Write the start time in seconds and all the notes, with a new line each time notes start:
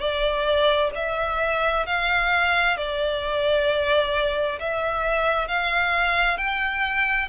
0.00 D5
0.95 E5
1.87 F5
2.78 D5
4.60 E5
5.48 F5
6.38 G5